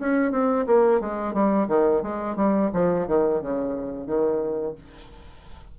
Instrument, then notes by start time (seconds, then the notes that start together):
bassoon
0.00 C#4
0.32 C4
0.67 A#3
1.00 G#3
1.34 G3
1.68 D#3
2.02 G#3
2.36 G3
2.73 F3
3.07 D#3
3.41 C#3
4.07 D#3